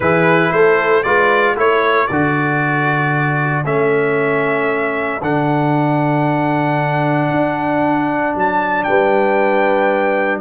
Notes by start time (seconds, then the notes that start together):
0.00 E3 E4 G#4 B4
0.51 A3 A4 C5
1.03 G#3 F4 B4 D5
1.56 A3 E4 A4 C#5
2.07 D3 F#4 D5
3.64 A3 C#4 E5
5.21 D3 D4 F#5
7.30 D4
8.34 F#3 A5
8.83 G3 B4 G5